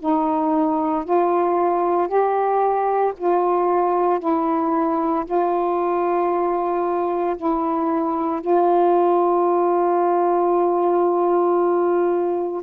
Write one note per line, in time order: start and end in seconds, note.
0.00 1.05 D#4
1.05 2.08 F4
2.08 3.13 G4
3.18 4.20 F4
4.20 5.25 E4
5.26 7.36 F4
7.37 8.42 E4
8.42 12.63 F4